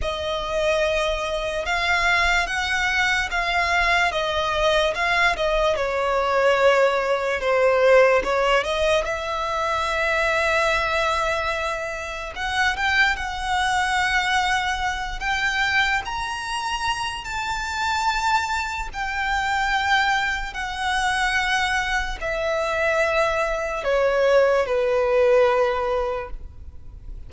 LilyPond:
\new Staff \with { instrumentName = "violin" } { \time 4/4 \tempo 4 = 73 dis''2 f''4 fis''4 | f''4 dis''4 f''8 dis''8 cis''4~ | cis''4 c''4 cis''8 dis''8 e''4~ | e''2. fis''8 g''8 |
fis''2~ fis''8 g''4 ais''8~ | ais''4 a''2 g''4~ | g''4 fis''2 e''4~ | e''4 cis''4 b'2 | }